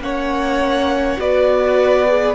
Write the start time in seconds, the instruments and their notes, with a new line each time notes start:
0.00 cello A#3, viola C#4, violin C#5 F#5
1.18 cello B3, viola F#4, violin B4 D5
2.08 viola G#4